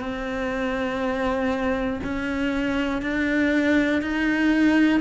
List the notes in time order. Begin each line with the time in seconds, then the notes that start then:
0.00 C4
2.04 C#4
3.02 D4
4.02 D#4